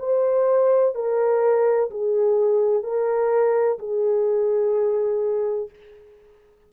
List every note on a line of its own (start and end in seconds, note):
0.00 0.95 C5
0.95 1.90 A#4
1.91 2.84 G#4
2.84 3.79 A#4
3.80 5.70 G#4